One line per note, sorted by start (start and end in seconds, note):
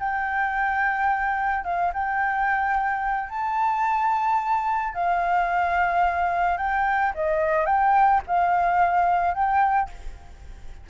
0.00 1.65 G5
1.65 1.92 F5
1.94 3.30 G5
3.30 4.95 A5
4.95 6.58 F5
6.58 7.13 G5
7.15 7.66 D#5
7.66 8.21 G5
8.27 9.35 F5
9.35 9.90 G5